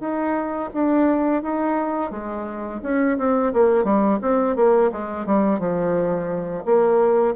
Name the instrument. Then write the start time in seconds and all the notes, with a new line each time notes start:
bassoon
0.00 D#4
0.74 D4
1.42 D#4
2.11 G#3
2.83 C#4
3.18 C4
3.53 A#3
3.84 G3
4.22 C4
4.56 A#3
4.92 G#3
5.26 G3
5.59 F3
6.65 A#3